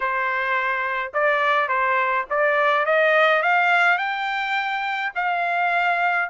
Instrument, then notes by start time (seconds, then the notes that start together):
trumpet
0.00 C5
1.13 D5
1.68 C5
2.30 D5
2.85 D#5
3.42 F5
3.98 G5
5.15 F5